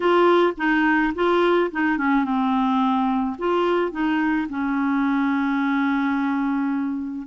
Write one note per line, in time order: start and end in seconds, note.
0.00 0.53 F4
0.57 1.13 D#4
1.14 1.71 F4
1.71 1.97 D#4
1.97 2.24 C#4
2.24 3.36 C4
3.38 3.91 F4
3.91 4.47 D#4
4.49 7.27 C#4